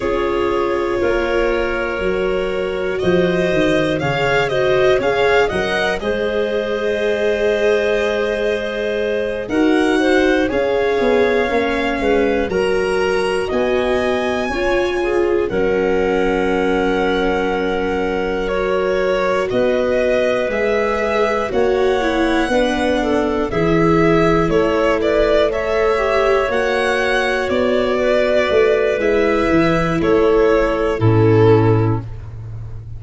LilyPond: <<
  \new Staff \with { instrumentName = "violin" } { \time 4/4 \tempo 4 = 60 cis''2. dis''4 | f''8 dis''8 f''8 fis''8 dis''2~ | dis''4. fis''4 f''4.~ | f''8 ais''4 gis''2 fis''8~ |
fis''2~ fis''8 cis''4 dis''8~ | dis''8 e''4 fis''2 e''8~ | e''8 cis''8 d''8 e''4 fis''4 d''8~ | d''4 e''4 cis''4 a'4 | }
  \new Staff \with { instrumentName = "clarinet" } { \time 4/4 gis'4 ais'2 c''4 | cis''8 c''8 cis''8 dis''8 c''2~ | c''4. ais'8 c''8 cis''4. | b'8 ais'4 dis''4 cis''8 gis'8 ais'8~ |
ais'2.~ ais'8 b'8~ | b'4. cis''4 b'8 a'8 gis'8~ | gis'8 a'8 b'8 cis''2~ cis''8 | b'2 a'4 e'4 | }
  \new Staff \with { instrumentName = "viola" } { \time 4/4 f'2 fis'2 | gis'8 fis'8 gis'8 ais'8 gis'2~ | gis'4. fis'4 gis'4 cis'8~ | cis'8 fis'2 f'4 cis'8~ |
cis'2~ cis'8 fis'4.~ | fis'8 gis'4 fis'8 e'8 d'4 e'8~ | e'4. a'8 g'8 fis'4.~ | fis'4 e'2 cis'4 | }
  \new Staff \with { instrumentName = "tuba" } { \time 4/4 cis'4 ais4 fis4 f8 dis8 | cis4 cis'8 fis8 gis2~ | gis4. dis'4 cis'8 b8 ais8 | gis8 fis4 b4 cis'4 fis8~ |
fis2.~ fis8 b8~ | b8 gis4 ais4 b4 e8~ | e8 a2 ais4 b8~ | b8 a8 gis8 e8 a4 a,4 | }
>>